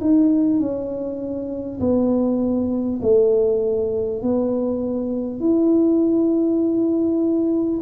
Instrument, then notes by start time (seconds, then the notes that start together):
tuba
0.00 D#4
0.59 C#4
1.80 B3
3.02 A3
4.22 B3
5.40 E4